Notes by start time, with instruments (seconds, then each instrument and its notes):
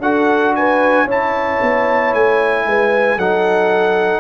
0.00 tuba D4, trombone F#4, horn A4, trumpet F#5
0.55 horn B4, trumpet G#5
1.05 tuba C#4, trombone E4, horn C#5, trumpet A5
1.61 tuba B3
2.14 tuba A3, trumpet G#5
2.65 tuba G#3, horn B4
3.17 tuba F#3, trombone D#4, horn A4, trumpet F#5